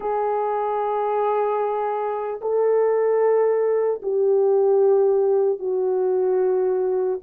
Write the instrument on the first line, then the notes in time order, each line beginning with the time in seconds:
horn
0.00 G#4
2.41 A4
4.02 G4
5.59 F#4